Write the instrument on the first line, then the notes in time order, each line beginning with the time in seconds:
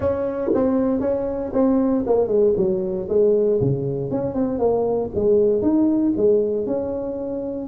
tuba
0.00 C#4
0.54 C4
1.00 C#4
1.53 C4
2.06 A#3
2.27 G#3
2.56 F#3
3.09 G#3
3.60 C#3
4.10 C#4
4.34 C4
4.58 A#3
5.14 G#3
5.62 D#4
6.16 G#3
6.66 C#4